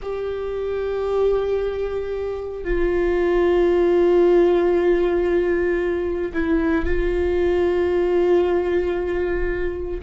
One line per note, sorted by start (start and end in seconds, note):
0.02 2.64 G4
2.64 6.32 F4
6.33 6.85 E4
6.85 10.01 F4